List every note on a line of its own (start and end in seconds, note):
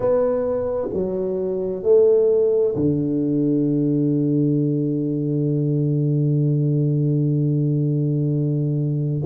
0.00 0.88 B3
0.93 1.83 F#3
1.83 2.75 A3
2.75 9.21 D3